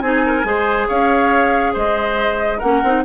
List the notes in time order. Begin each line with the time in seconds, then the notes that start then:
0.00 C4 D#4 G#4 G#5
0.25 A#4
0.44 G#3 G#4 C5
0.88 C#4 C#5 F5
1.73 G#3 C5 D#5
2.58 A#3 C#4 A#4 F#5
2.83 C4 D#4